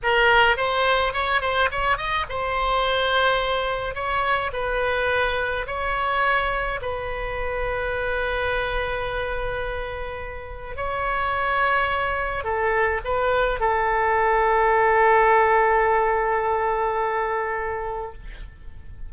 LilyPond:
\new Staff \with { instrumentName = "oboe" } { \time 4/4 \tempo 4 = 106 ais'4 c''4 cis''8 c''8 cis''8 dis''8 | c''2. cis''4 | b'2 cis''2 | b'1~ |
b'2. cis''4~ | cis''2 a'4 b'4 | a'1~ | a'1 | }